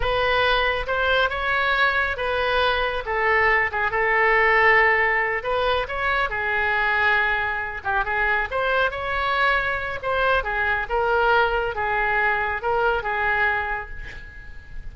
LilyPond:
\new Staff \with { instrumentName = "oboe" } { \time 4/4 \tempo 4 = 138 b'2 c''4 cis''4~ | cis''4 b'2 a'4~ | a'8 gis'8 a'2.~ | a'8 b'4 cis''4 gis'4.~ |
gis'2 g'8 gis'4 c''8~ | c''8 cis''2~ cis''8 c''4 | gis'4 ais'2 gis'4~ | gis'4 ais'4 gis'2 | }